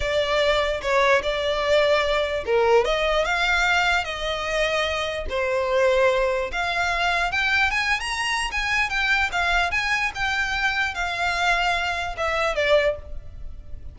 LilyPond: \new Staff \with { instrumentName = "violin" } { \time 4/4 \tempo 4 = 148 d''2 cis''4 d''4~ | d''2 ais'4 dis''4 | f''2 dis''2~ | dis''4 c''2. |
f''2 g''4 gis''8. ais''16~ | ais''4 gis''4 g''4 f''4 | gis''4 g''2 f''4~ | f''2 e''4 d''4 | }